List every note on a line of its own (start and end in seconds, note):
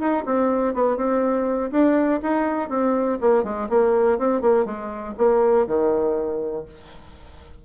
0.00 0.25 D#4
0.26 0.74 C4
0.74 0.97 B3
0.97 1.71 C4
1.72 2.21 D4
2.23 2.70 D#4
2.70 3.19 C4
3.21 3.44 A#3
3.44 3.69 G#3
3.70 4.19 A#3
4.19 4.42 C4
4.42 4.66 A#3
4.66 5.15 G#3
5.18 5.67 A#3
5.67 6.65 D#3